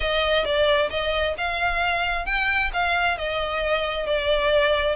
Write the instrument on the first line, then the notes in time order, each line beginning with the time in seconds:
violin
0.00 D#5
0.44 D5
0.89 D#5
1.37 F5
2.25 G5
2.73 F5
3.17 D#5
4.06 D5